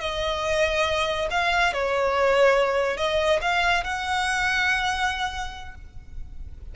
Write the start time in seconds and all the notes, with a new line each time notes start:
0.00 D#5
1.30 F5
1.73 C#5
2.97 D#5
3.41 F5
3.83 F#5